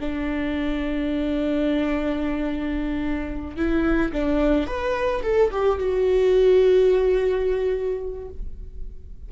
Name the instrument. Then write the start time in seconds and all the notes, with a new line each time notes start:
viola
0.00 D4
3.56 E4
4.12 D4
4.67 B4
5.23 A4
5.51 G4
5.79 F#4